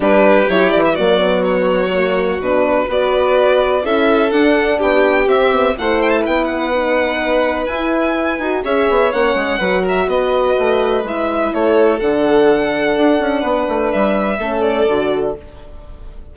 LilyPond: <<
  \new Staff \with { instrumentName = "violin" } { \time 4/4 \tempo 4 = 125 b'4 cis''8 d''16 e''16 d''4 cis''4~ | cis''4 b'4 d''2 | e''4 fis''4 g''4 e''4 | fis''8 g''16 a''16 g''8 fis''2~ fis''8 |
gis''2 e''4 fis''4~ | fis''8 e''8 dis''2 e''4 | cis''4 fis''2.~ | fis''4 e''4. d''4. | }
  \new Staff \with { instrumentName = "violin" } { \time 4/4 g'2 fis'2~ | fis'2 b'2 | a'2 g'2 | c''4 b'2.~ |
b'2 cis''2 | b'8 ais'8 b'2. | a'1 | b'2 a'2 | }
  \new Staff \with { instrumentName = "horn" } { \time 4/4 d'4 e'4 ais8 b4. | ais4 d'4 fis'2 | e'4 d'2 c'8 b8 | e'2 dis'2 |
e'4. fis'8 gis'4 cis'4 | fis'2. e'4~ | e'4 d'2.~ | d'2 cis'4 fis'4 | }
  \new Staff \with { instrumentName = "bassoon" } { \time 4/4 g4 fis8 e8 fis2~ | fis4 b,4 b2 | cis'4 d'4 b4 c'4 | a4 b2. |
e'4. dis'8 cis'8 b8 ais8 gis8 | fis4 b4 a4 gis4 | a4 d2 d'8 cis'8 | b8 a8 g4 a4 d4 | }
>>